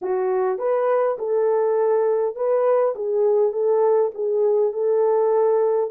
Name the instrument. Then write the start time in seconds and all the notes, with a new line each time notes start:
horn
0.01 F#4
0.58 B4
1.18 A4
2.35 B4
2.95 G#4
3.52 A4
4.14 G#4
4.72 A4